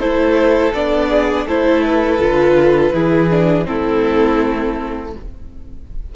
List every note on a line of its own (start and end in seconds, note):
0.00 0.73 A3
0.00 0.74 E4
0.00 1.10 A4
0.00 0.73 C5
0.74 1.46 B3
0.74 1.48 D4
0.74 1.47 D5
1.10 1.46 G#4
1.46 2.19 A3
1.46 2.20 E4
1.46 2.93 A4
1.46 1.85 C5
1.85 3.66 B4
2.19 2.92 D3
2.19 2.93 F4
2.93 3.67 E3
2.93 3.30 E4
2.93 3.67 G#4
3.30 3.65 D4
3.65 5.15 A3
3.65 5.11 C4
3.65 5.14 E4
3.65 5.13 A4